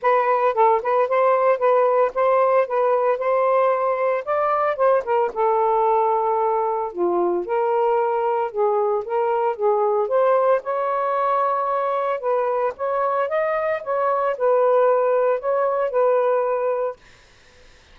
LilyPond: \new Staff \with { instrumentName = "saxophone" } { \time 4/4 \tempo 4 = 113 b'4 a'8 b'8 c''4 b'4 | c''4 b'4 c''2 | d''4 c''8 ais'8 a'2~ | a'4 f'4 ais'2 |
gis'4 ais'4 gis'4 c''4 | cis''2. b'4 | cis''4 dis''4 cis''4 b'4~ | b'4 cis''4 b'2 | }